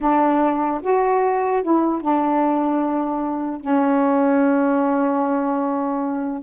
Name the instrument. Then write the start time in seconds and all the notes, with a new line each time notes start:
saxophone
0.01 D4
0.82 F#4
1.62 E4
2.01 D4
3.61 C#4